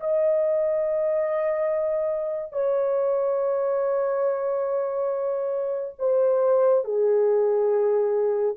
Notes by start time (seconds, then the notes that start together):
0.00 D#5
2.52 C#5
5.99 C5
6.84 G#4